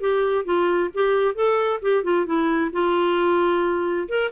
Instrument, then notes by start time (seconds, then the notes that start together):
clarinet
0.00 G4
0.44 F4
0.94 G4
1.35 A4
1.82 G4
2.03 F4
2.26 E4
2.72 F4
4.08 A#4